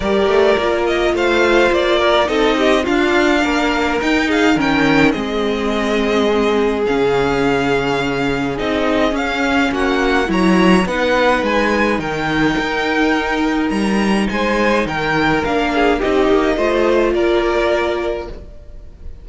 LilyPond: <<
  \new Staff \with { instrumentName = "violin" } { \time 4/4 \tempo 4 = 105 d''4. dis''8 f''4 d''4 | dis''4 f''2 g''8 f''8 | g''4 dis''2. | f''2. dis''4 |
f''4 fis''4 ais''4 fis''4 | gis''4 g''2. | ais''4 gis''4 g''4 f''4 | dis''2 d''2 | }
  \new Staff \with { instrumentName = "violin" } { \time 4/4 ais'2 c''4. ais'8 | a'8 g'8 f'4 ais'4. gis'8 | ais'4 gis'2.~ | gis'1~ |
gis'4 fis'4 cis''4 b'4~ | b'4 ais'2.~ | ais'4 c''4 ais'4. gis'8 | g'4 c''4 ais'2 | }
  \new Staff \with { instrumentName = "viola" } { \time 4/4 g'4 f'2. | dis'4 d'2 dis'4 | cis'4 c'2. | cis'2. dis'4 |
cis'2 e'4 dis'4~ | dis'1~ | dis'2. d'4 | dis'4 f'2. | }
  \new Staff \with { instrumentName = "cello" } { \time 4/4 g8 a8 ais4 a4 ais4 | c'4 d'4 ais4 dis'4 | dis4 gis2. | cis2. c'4 |
cis'4 ais4 fis4 b4 | gis4 dis4 dis'2 | g4 gis4 dis4 ais4 | c'8 ais8 a4 ais2 | }
>>